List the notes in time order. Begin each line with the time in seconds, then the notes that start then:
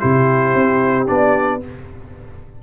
0.00 C3 E4 G4 C5
0.55 C4
1.07 B3 D4 D5